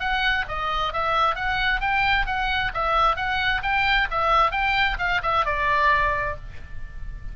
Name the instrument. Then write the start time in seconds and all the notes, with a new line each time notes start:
oboe
0.00 F#5
0.49 D#5
0.93 E5
1.36 F#5
1.81 G5
2.27 F#5
2.74 E5
3.17 F#5
3.63 G5
4.11 E5
4.52 G5
4.99 F5
5.23 E5
5.46 D5